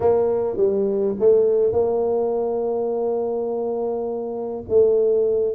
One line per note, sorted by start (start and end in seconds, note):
0.00 0.56 A#3
0.56 1.15 G3
1.19 1.72 A3
1.72 4.63 A#3
4.68 5.54 A3